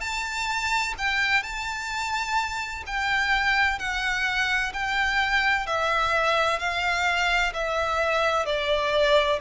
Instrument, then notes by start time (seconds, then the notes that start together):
violin
0.00 A5
0.98 G5
1.43 A5
2.86 G5
3.79 F#5
4.73 G5
5.66 E5
6.59 F5
7.53 E5
8.45 D5